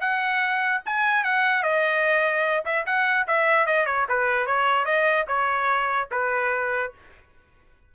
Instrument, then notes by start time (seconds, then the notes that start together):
trumpet
0.00 F#5
0.85 G#5
1.24 F#5
1.63 D#5
2.65 E5
2.86 F#5
3.27 E5
3.66 D#5
3.86 C#5
4.08 B4
4.46 C#5
4.85 D#5
5.27 C#5
6.11 B4